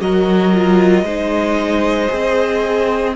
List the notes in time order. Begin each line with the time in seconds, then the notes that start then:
0.00 F#3 F#4 A#4 D#5
0.53 F4
1.03 G#3 D#4 C5
2.09 C4 G#4